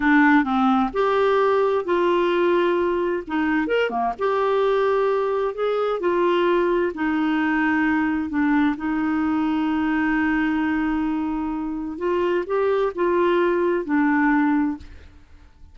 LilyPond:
\new Staff \with { instrumentName = "clarinet" } { \time 4/4 \tempo 4 = 130 d'4 c'4 g'2 | f'2. dis'4 | ais'8 ais8 g'2. | gis'4 f'2 dis'4~ |
dis'2 d'4 dis'4~ | dis'1~ | dis'2 f'4 g'4 | f'2 d'2 | }